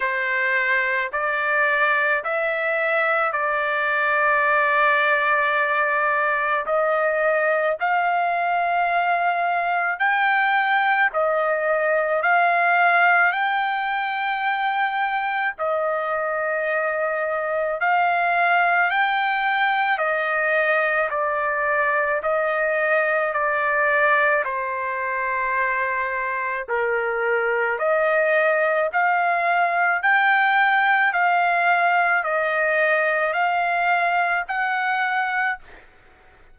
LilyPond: \new Staff \with { instrumentName = "trumpet" } { \time 4/4 \tempo 4 = 54 c''4 d''4 e''4 d''4~ | d''2 dis''4 f''4~ | f''4 g''4 dis''4 f''4 | g''2 dis''2 |
f''4 g''4 dis''4 d''4 | dis''4 d''4 c''2 | ais'4 dis''4 f''4 g''4 | f''4 dis''4 f''4 fis''4 | }